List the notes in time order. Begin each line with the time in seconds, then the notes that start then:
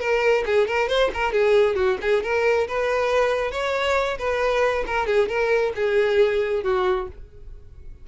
0.00 A#4
0.46 G#4
0.68 A#4
0.89 C5
1.14 A#4
1.32 G#4
1.76 F#4
2.01 G#4
2.23 A#4
2.68 B4
3.52 C#5
4.19 B4
4.87 A#4
5.07 G#4
5.29 A#4
5.76 G#4
6.64 F#4